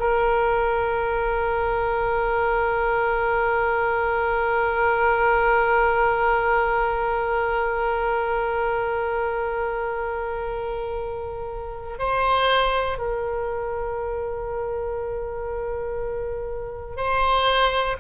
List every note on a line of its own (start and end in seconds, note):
0.00 11.99 A#4
11.99 12.98 C5
12.98 16.97 A#4
16.97 17.97 C5